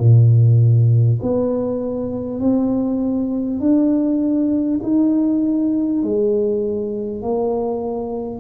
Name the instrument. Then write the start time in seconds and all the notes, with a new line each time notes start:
tuba
0.00 A#2
1.23 B3
2.40 C4
3.61 D4
4.83 D#4
6.03 G#3
7.23 A#3